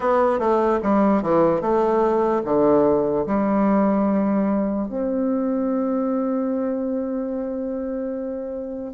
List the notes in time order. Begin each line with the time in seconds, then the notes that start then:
0.00 B3
0.39 A3
0.82 G3
1.22 E3
1.61 A3
2.45 D3
3.26 G3
4.88 C4